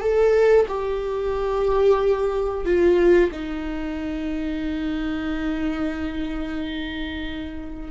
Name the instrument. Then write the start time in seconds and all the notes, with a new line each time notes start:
viola
0.00 A4
0.68 G4
2.65 F4
3.32 D#4